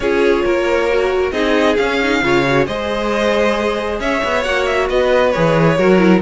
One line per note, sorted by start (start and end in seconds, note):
0.00 0.42 C#4
0.00 0.89 F4
0.00 0.44 G#4
0.00 1.30 C#5
0.44 1.32 A#3
0.44 1.32 A#4
0.89 1.32 F#4
1.31 1.76 C4
1.31 1.76 D#4
1.31 2.21 G#4
1.31 1.76 D#5
1.76 2.23 C#4
1.76 2.02 C#4
1.76 2.65 F5
2.02 2.22 D#4
2.22 2.67 C#3
2.22 2.45 F4
2.22 2.67 C#5
2.45 2.67 F#4
2.66 3.99 G#3
2.66 4.44 G#4
2.66 3.99 C5
2.66 4.00 D#5
3.99 4.21 C#4
3.99 4.88 C#5
3.99 4.43 E5
4.24 4.45 B3
4.43 4.89 A#3
4.43 5.33 F#4
4.43 4.65 F#5
4.65 4.88 E5
4.89 5.34 B3
4.89 5.77 B4
4.89 5.31 D#5
5.31 5.78 E3
5.31 5.78 G#4
5.31 6.20 C#5
5.77 6.21 F#3
5.77 5.98 F#4
5.77 6.21 A#4
5.98 6.20 E4